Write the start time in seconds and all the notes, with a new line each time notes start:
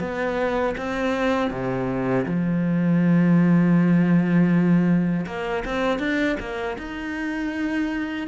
0.00 B3
0.77 C4
1.50 C3
2.26 F3
5.26 A#3
5.65 C4
5.99 D4
6.40 A#3
6.78 D#4